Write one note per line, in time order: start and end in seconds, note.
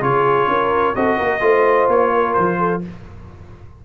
0.00 0.47 C#3
0.00 0.94 F4
0.00 0.49 G#4
0.00 0.95 C#5
0.47 0.94 C#4
0.47 0.95 A#4
0.95 1.19 C4
0.95 1.40 F#4
0.95 1.17 A4
0.95 1.89 D#5
1.17 1.41 A#3
1.17 1.41 A#4
1.40 1.88 A3
1.40 2.82 F4
1.40 2.13 C5
1.88 2.35 A#3
1.88 2.33 C#5
2.13 2.58 A#4
2.33 2.85 F3
2.33 2.80 C5
2.58 2.82 A4